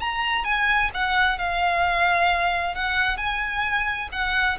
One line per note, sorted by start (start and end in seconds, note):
0.00 0.44 A#5
0.44 0.90 G#5
0.94 1.38 F#5
1.38 2.75 F5
2.75 3.17 F#5
3.17 4.09 G#5
4.12 4.58 F#5